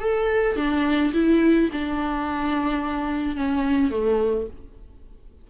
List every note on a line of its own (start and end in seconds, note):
0.00 0.56 A4
0.56 1.12 D4
1.13 1.69 E4
1.72 3.36 D4
3.36 3.91 C#4
3.91 4.47 A3